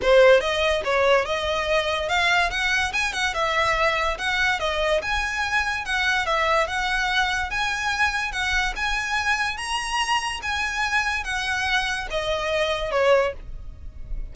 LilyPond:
\new Staff \with { instrumentName = "violin" } { \time 4/4 \tempo 4 = 144 c''4 dis''4 cis''4 dis''4~ | dis''4 f''4 fis''4 gis''8 fis''8 | e''2 fis''4 dis''4 | gis''2 fis''4 e''4 |
fis''2 gis''2 | fis''4 gis''2 ais''4~ | ais''4 gis''2 fis''4~ | fis''4 dis''2 cis''4 | }